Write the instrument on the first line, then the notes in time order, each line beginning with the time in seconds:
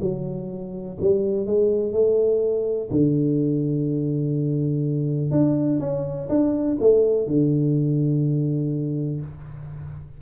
tuba
0.00 F#3
1.00 G3
1.46 G#3
1.92 A3
2.90 D3
5.31 D4
5.79 C#4
6.29 D4
6.80 A3
7.27 D3